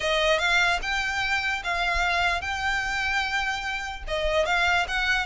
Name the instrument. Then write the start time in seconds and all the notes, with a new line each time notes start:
violin
0.00 D#5
0.39 F5
0.81 G5
1.63 F5
2.41 G5
4.07 D#5
4.45 F5
4.88 F#5